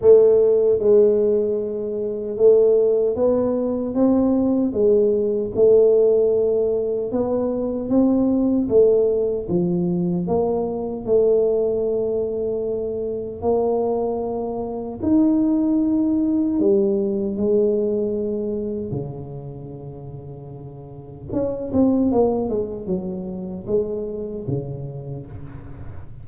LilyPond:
\new Staff \with { instrumentName = "tuba" } { \time 4/4 \tempo 4 = 76 a4 gis2 a4 | b4 c'4 gis4 a4~ | a4 b4 c'4 a4 | f4 ais4 a2~ |
a4 ais2 dis'4~ | dis'4 g4 gis2 | cis2. cis'8 c'8 | ais8 gis8 fis4 gis4 cis4 | }